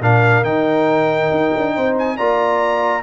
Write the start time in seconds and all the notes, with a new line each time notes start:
0.00 A#2 D4 A#4 F5
0.43 D#3 D#4 G5
1.31 D#4
1.57 D4
1.75 C4 C5
1.98 G#5
2.17 A#3 F4 D5 A#5